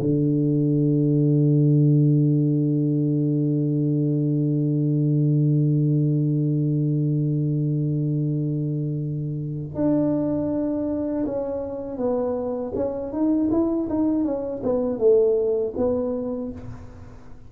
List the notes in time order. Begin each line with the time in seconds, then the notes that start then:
0.00 D3
9.75 D4
11.26 C#4
11.98 B3
12.75 C#4
13.13 D#4
13.51 E4
13.90 D#4
14.25 C#4
14.64 B3
14.99 A3
15.77 B3